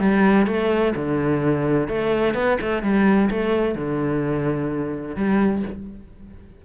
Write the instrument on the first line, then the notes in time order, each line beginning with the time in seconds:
cello
0.00 G3
0.47 A3
0.96 D3
1.89 A3
2.35 B3
2.61 A3
2.83 G3
3.31 A3
3.75 D3
5.16 G3